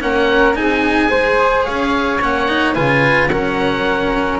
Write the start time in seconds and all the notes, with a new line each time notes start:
0.00 A#3 C#4 A#4 F#5
0.55 C4 D#4 G#4 G#5
1.09 G#3 G#4 C5
1.64 C#4 C#5 F5
2.22 A#3 C#4 F#5
2.48 D#4
2.74 C#3 F4 B4 G#5
3.28 F#3 C#4 A#4 F#5